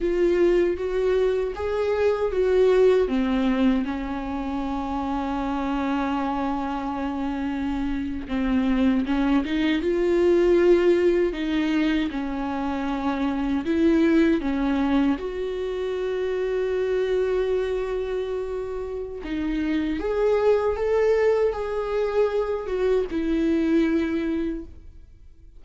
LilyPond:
\new Staff \with { instrumentName = "viola" } { \time 4/4 \tempo 4 = 78 f'4 fis'4 gis'4 fis'4 | c'4 cis'2.~ | cis'2~ cis'8. c'4 cis'16~ | cis'16 dis'8 f'2 dis'4 cis'16~ |
cis'4.~ cis'16 e'4 cis'4 fis'16~ | fis'1~ | fis'4 dis'4 gis'4 a'4 | gis'4. fis'8 e'2 | }